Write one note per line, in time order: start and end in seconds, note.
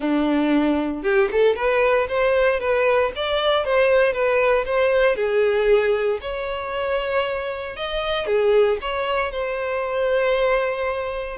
0.00 1.02 D4
1.02 1.28 G4
1.31 1.55 A4
1.55 2.07 B4
2.08 2.60 C5
2.60 3.11 B4
3.15 3.64 D5
3.64 4.12 C5
4.12 4.64 B4
4.65 5.15 C5
5.15 6.19 G#4
6.21 7.76 C#5
7.76 8.26 D#5
8.26 8.78 G#4
8.81 9.31 C#5
9.31 11.37 C5